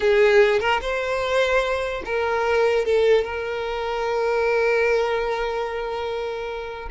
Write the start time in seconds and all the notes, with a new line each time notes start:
0.00 G#4
0.60 A#4
0.81 C5
2.05 A#4
2.85 A4
3.24 A#4